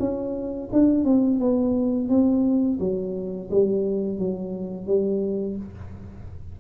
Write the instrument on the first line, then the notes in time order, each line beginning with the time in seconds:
tuba
0.00 C#4
0.73 D4
1.05 C4
1.40 B3
2.09 C4
2.80 F#3
3.51 G3
4.19 F#3
4.87 G3